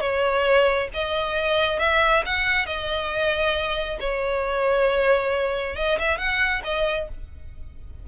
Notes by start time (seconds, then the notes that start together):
0.00 C#5
0.93 D#5
1.79 E5
2.25 F#5
2.66 D#5
4.00 C#5
5.76 D#5
5.98 E5
6.17 F#5
6.64 D#5